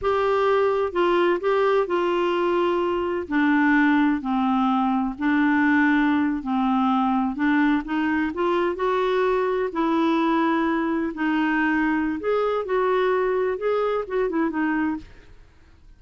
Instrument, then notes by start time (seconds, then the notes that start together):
clarinet
0.01 G4
0.92 F4
1.40 G4
1.86 F4
3.27 D4
4.21 C4
5.18 D4
6.42 C4
7.35 D4
7.85 D#4
8.34 F4
8.75 F#4
9.72 E4
11.13 D#4
12.20 G#4
12.65 F#4
13.57 G#4
14.07 F#4
14.29 E4
14.50 D#4